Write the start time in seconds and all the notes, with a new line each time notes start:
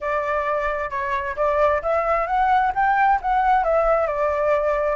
0.00 D5
0.90 C#5
1.36 D5
1.82 E5
2.26 F#5
2.74 G5
3.21 F#5
3.64 E5
4.07 D5